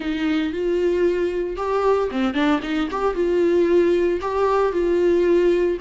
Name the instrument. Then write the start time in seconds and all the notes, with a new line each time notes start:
viola
0.00 D#4
0.52 F4
1.56 G4
2.11 C4
2.33 D4
2.62 D#4
2.90 G4
3.14 F4
4.21 G4
4.72 F4